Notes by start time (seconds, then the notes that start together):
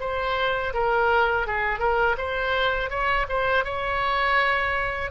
0.00 C5
0.73 A#4
1.47 G#4
1.79 A#4
2.18 C5
2.90 C#5
3.28 C5
3.64 C#5